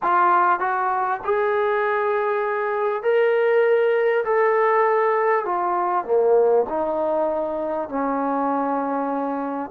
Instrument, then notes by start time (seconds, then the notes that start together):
trombone
0.02 F4
0.59 F#4
1.24 G#4
3.02 A#4
4.24 A4
5.45 F4
6.04 A#3
6.69 D#4
7.88 C#4